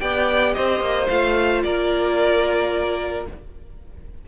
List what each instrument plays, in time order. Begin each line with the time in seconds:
0.00 cello B3, viola G4, violin D5 G5
0.54 cello C4, violin C5 D#5
0.80 cello A#3
1.09 cello A3, viola F4, violin F5
1.63 cello A#3, violin A#4 D5